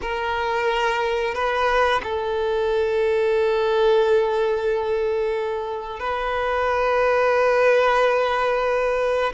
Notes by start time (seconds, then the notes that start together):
0.01 A#4
1.34 B4
2.03 A4
5.99 B4